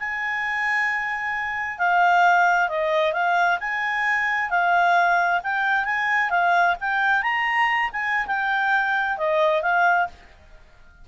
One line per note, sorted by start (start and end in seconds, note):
0.00 1.79 G#5
1.79 2.69 F5
2.69 3.13 D#5
3.13 3.59 F5
3.60 4.51 G#5
4.51 5.42 F5
5.44 5.86 G5
5.86 6.31 G#5
6.31 6.76 F5
6.81 7.23 G5
7.23 7.91 A#5
7.93 8.27 G#5
8.27 9.18 G5
9.18 9.62 D#5
9.62 10.08 F5